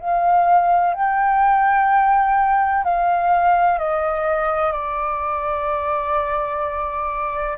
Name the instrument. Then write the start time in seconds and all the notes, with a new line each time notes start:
flute
0.00 F5
0.94 G5
2.84 F5
3.79 D#5
4.72 D5